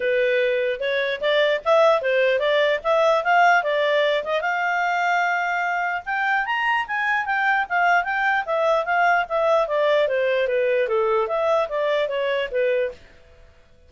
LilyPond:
\new Staff \with { instrumentName = "clarinet" } { \time 4/4 \tempo 4 = 149 b'2 cis''4 d''4 | e''4 c''4 d''4 e''4 | f''4 d''4. dis''8 f''4~ | f''2. g''4 |
ais''4 gis''4 g''4 f''4 | g''4 e''4 f''4 e''4 | d''4 c''4 b'4 a'4 | e''4 d''4 cis''4 b'4 | }